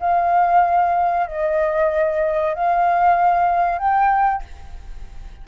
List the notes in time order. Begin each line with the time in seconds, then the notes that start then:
0.00 F5
1.27 D#5
2.55 F5
3.79 G5